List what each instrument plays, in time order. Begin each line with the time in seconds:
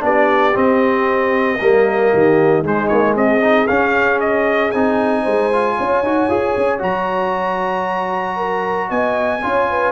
0.00 tuba B3, trombone D4, horn G4, trumpet D5
0.54 trombone C4, tuba C4, trumpet D#5
1.60 tuba G3, trombone A#3, horn A#4
2.12 tuba D#3, horn G4
2.63 tuba G#3, trombone G#3, horn D#4, trumpet C5
2.88 tuba A#3, trumpet C#5
3.16 tuba C4, horn G#4, trumpet D#5
3.41 trombone D#4
3.67 trombone C#4, tuba C#4, trumpet F5
4.20 trumpet D#5
4.72 tuba C4, trombone D#4, trumpet G#5
5.23 tuba G#3, horn C5
5.53 trombone F4
5.79 tuba C#4, horn C#5
6.03 tuba D#4, trombone F#4
6.29 tuba F4, trombone G#4
6.57 tuba C#4
6.79 tuba F#3, trombone F#4, trumpet A#5
8.37 horn A#4
8.89 tuba B3, horn D#5, trumpet G#5
9.43 tuba C#4, trombone F4, horn C#5
9.70 horn B4